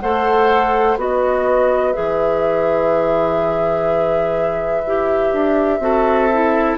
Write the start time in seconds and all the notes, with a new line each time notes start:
0.00 A3 A4 C5 F#5
0.96 B3 F#4 B4 D#5
1.93 E3 G#4 E5
4.86 E4 G4
5.33 D4
5.79 C4 F#4 A4
6.32 E4